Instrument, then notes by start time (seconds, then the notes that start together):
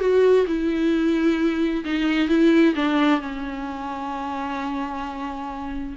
viola
0.00 F#4
0.47 E4
1.85 D#4
2.29 E4
2.76 D4
3.21 C#4